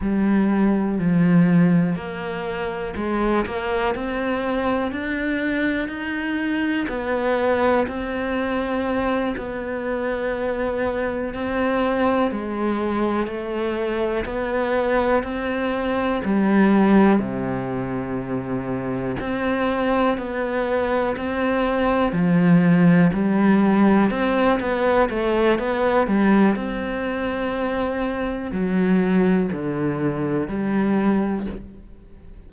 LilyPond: \new Staff \with { instrumentName = "cello" } { \time 4/4 \tempo 4 = 61 g4 f4 ais4 gis8 ais8 | c'4 d'4 dis'4 b4 | c'4. b2 c'8~ | c'8 gis4 a4 b4 c'8~ |
c'8 g4 c2 c'8~ | c'8 b4 c'4 f4 g8~ | g8 c'8 b8 a8 b8 g8 c'4~ | c'4 fis4 d4 g4 | }